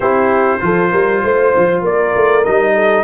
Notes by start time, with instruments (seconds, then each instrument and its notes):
0.00 tuba C4, trombone E4, horn G4, trumpet C5
0.60 tuba F3, trombone F4, horn A4
0.91 tuba G3, horn A#4
1.23 tuba A3, horn C5
1.56 tuba F3
1.81 tuba A#3, horn A#4, trumpet D5
2.15 tuba A3
2.44 tuba G3, trombone D#4, trumpet D#5
2.74 horn A4